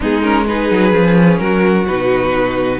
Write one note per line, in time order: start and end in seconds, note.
0.00 0.71 G#3
0.00 0.22 B3
0.00 0.46 D#4
0.00 0.23 G#4
0.22 0.46 C#4
0.22 0.46 A#4
0.47 0.91 D#4
0.47 1.43 G#4
0.47 1.37 B4
0.71 0.92 F#3
0.91 1.39 F3
0.91 1.85 C#4
1.37 1.86 F#3
1.37 2.79 F#4
1.37 1.84 A#4
1.87 2.79 B2
1.87 2.79 D#4
1.87 2.79 B4